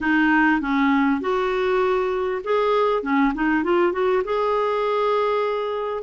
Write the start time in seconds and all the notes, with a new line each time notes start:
0.00 D#4
0.60 C#4
1.20 F#4
2.44 G#4
3.02 C#4
3.34 D#4
3.63 F4
3.92 F#4
4.24 G#4